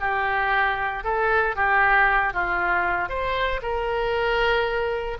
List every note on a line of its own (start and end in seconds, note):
0.00 1.03 G4
1.04 1.55 A4
1.55 2.33 G4
2.33 3.09 F4
3.09 3.60 C5
3.62 5.17 A#4